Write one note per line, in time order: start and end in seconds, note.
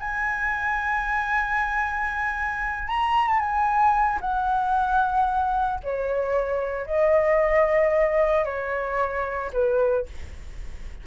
0.00 2.89 G#5
2.89 3.28 A#5
3.28 3.40 A5
3.40 4.19 G#5
4.21 5.80 F#5
5.84 6.86 C#5
6.86 8.45 D#5
8.45 9.51 C#5
9.53 10.06 B4